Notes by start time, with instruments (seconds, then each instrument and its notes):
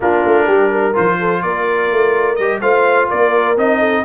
0.00 tuba A#3, trombone D4, horn F4, trumpet A#4
0.25 tuba A3
0.46 tuba G3, horn G4
0.71 horn A#4
0.93 tuba F3, trombone F4, trumpet C5
1.19 horn A4
1.42 tuba A#3, horn A#4, trumpet D5
1.91 tuba A3
2.35 tuba G3, trombone G4, trumpet D#5
2.61 tuba A3, trombone F4, horn C5, trumpet F5
3.08 tuba A#3, horn A#4, trumpet D5
3.56 tuba C4, trombone D#4, trumpet D#5
3.79 horn A4